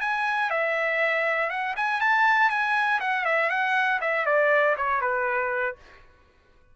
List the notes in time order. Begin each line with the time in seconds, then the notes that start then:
0.00 G#5
0.50 E5
1.50 F#5
1.76 G#5
2.00 A5
2.50 G#5
3.00 F#5
3.25 E5
3.50 F#5
4.01 E5
4.25 D5
4.77 C#5
5.01 B4